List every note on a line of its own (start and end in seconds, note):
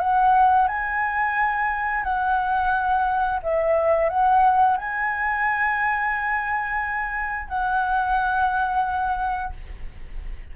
0.00 0.68 F#5
0.68 2.04 G#5
2.04 3.40 F#5
3.43 4.09 E5
4.09 4.78 F#5
4.78 7.48 G#5
7.48 9.53 F#5